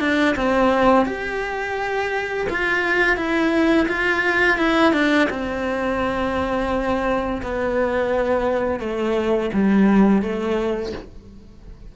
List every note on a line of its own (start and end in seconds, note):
0.00 0.35 D4
0.36 1.06 C4
1.06 2.47 G4
2.49 3.16 F4
3.16 3.87 E4
3.88 4.58 F4
4.58 4.93 E4
4.93 5.28 D4
5.30 7.41 C4
7.43 8.79 B3
8.79 9.50 A3
9.53 10.22 G3
10.22 10.93 A3